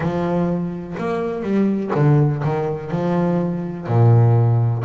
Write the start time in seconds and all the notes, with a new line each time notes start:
0.00 F3
0.97 A#3
1.42 G3
1.94 D3
2.44 D#3
2.90 F3
3.86 A#2